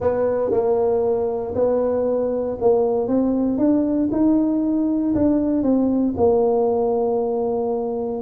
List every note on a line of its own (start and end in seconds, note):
0.00 0.51 B3
0.51 1.54 A#3
1.55 2.57 B3
2.61 3.07 A#3
3.07 3.58 C4
3.58 4.09 D4
4.11 5.14 D#4
5.14 5.62 D4
5.62 6.14 C4
6.16 8.21 A#3